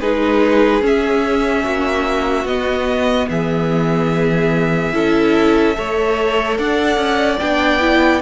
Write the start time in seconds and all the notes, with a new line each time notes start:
0.00 G#3 D#4 G#4 B4
0.82 C#4 E5
1.64 A#3 F#4
2.45 B3 D#5
3.29 E3 G#4 E5
4.93 C#4 E4 A4
5.75 A3 A4 C#5
6.58 D4 D5 F#5
6.97 C#4
7.40 B3 D4 G5
7.80 E4